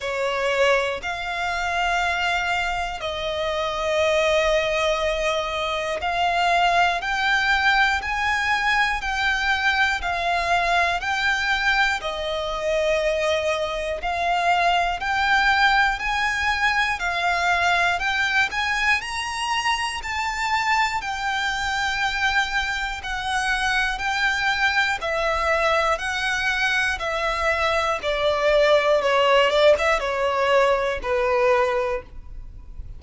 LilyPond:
\new Staff \with { instrumentName = "violin" } { \time 4/4 \tempo 4 = 60 cis''4 f''2 dis''4~ | dis''2 f''4 g''4 | gis''4 g''4 f''4 g''4 | dis''2 f''4 g''4 |
gis''4 f''4 g''8 gis''8 ais''4 | a''4 g''2 fis''4 | g''4 e''4 fis''4 e''4 | d''4 cis''8 d''16 e''16 cis''4 b'4 | }